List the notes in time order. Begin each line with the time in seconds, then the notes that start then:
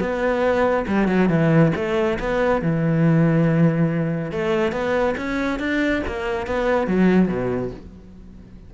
0.00 B3
0.87 G3
1.08 F#3
1.29 E3
1.76 A3
2.19 B3
2.62 E3
4.32 A3
4.72 B3
5.17 C#4
5.59 D4
6.07 A#3
6.47 B3
6.87 F#3
7.28 B2